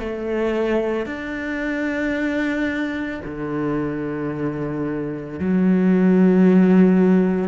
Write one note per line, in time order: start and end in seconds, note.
0.00 1.06 A3
1.06 3.20 D4
3.25 5.40 D3
5.40 7.49 F#3